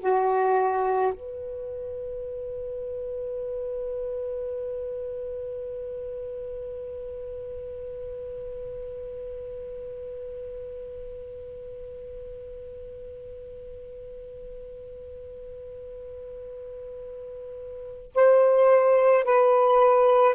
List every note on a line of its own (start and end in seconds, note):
0.00 1.13 F#4
1.14 18.12 B4
18.15 19.25 C5
19.25 20.36 B4